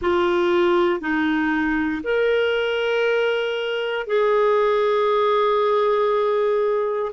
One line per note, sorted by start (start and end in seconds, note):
0.01 1.00 F4
1.00 2.02 D#4
2.03 4.06 A#4
4.06 7.11 G#4